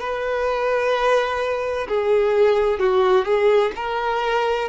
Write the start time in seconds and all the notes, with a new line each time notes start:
0.00 B4
1.88 G#4
2.79 F#4
3.25 G#4
3.76 A#4